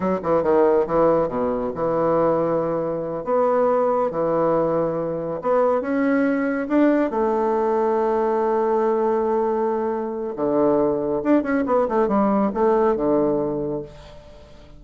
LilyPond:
\new Staff \with { instrumentName = "bassoon" } { \time 4/4 \tempo 4 = 139 fis8 e8 dis4 e4 b,4 | e2.~ e8 b8~ | b4. e2~ e8~ | e8 b4 cis'2 d'8~ |
d'8 a2.~ a8~ | a1 | d2 d'8 cis'8 b8 a8 | g4 a4 d2 | }